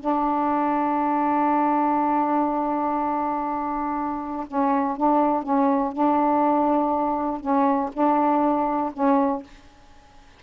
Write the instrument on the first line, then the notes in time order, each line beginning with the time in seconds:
saxophone
0.00 D4
4.47 C#4
4.97 D4
5.43 C#4
5.93 D4
7.40 C#4
7.93 D4
8.93 C#4